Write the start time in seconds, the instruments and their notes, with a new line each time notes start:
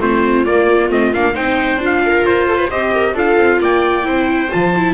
0.00 double bass A3, viola C4 F4, trumpet C5
0.45 viola A#3, double bass A#3, trumpet D5
0.89 double bass A3, viola C4, trumpet D#5
1.13 double bass A#3, viola D4, trumpet F5
1.33 double bass C4, viola D#4 C5, trumpet G5
1.76 double bass D4, viola F4
1.85 trumpet F5
2.05 viola A#4
2.25 double bass F4, trumpet C5
2.48 viola A4
2.57 viola B4
2.70 double bass C4, viola G4 C5, trumpet D#5
2.94 viola A#4
3.13 double bass D4, viola F4 A4, trumpet F5
3.37 double bass C4
3.61 double bass A#3, viola D5, trumpet G5
4.02 double bass C4, viola E4 C5
4.49 double bass F3, viola F4, trumpet A5
4.75 viola E4